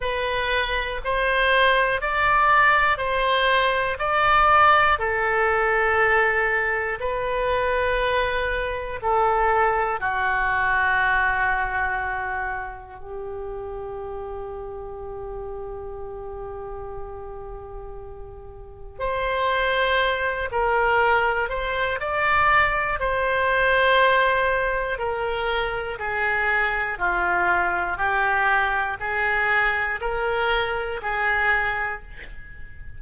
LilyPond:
\new Staff \with { instrumentName = "oboe" } { \time 4/4 \tempo 4 = 60 b'4 c''4 d''4 c''4 | d''4 a'2 b'4~ | b'4 a'4 fis'2~ | fis'4 g'2.~ |
g'2. c''4~ | c''8 ais'4 c''8 d''4 c''4~ | c''4 ais'4 gis'4 f'4 | g'4 gis'4 ais'4 gis'4 | }